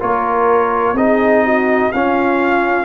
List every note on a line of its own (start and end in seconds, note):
0.00 0.93 A#3
0.00 0.95 F4
0.00 0.95 A#4
0.00 0.97 C#5
0.93 1.88 C4
0.93 1.93 D#4
0.93 1.44 G#4
0.93 1.92 D#5
1.44 1.92 F#4
1.92 2.85 C#4
1.92 2.85 F4
1.92 2.85 F5